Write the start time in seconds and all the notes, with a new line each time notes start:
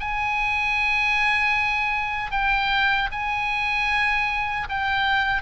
0.00 G#5
2.32 G5
3.12 G#5
4.69 G5